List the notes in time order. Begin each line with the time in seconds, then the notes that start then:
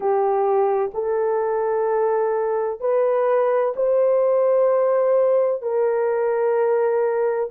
0.00 G4
0.94 A4
2.80 B4
3.75 C5
5.62 A#4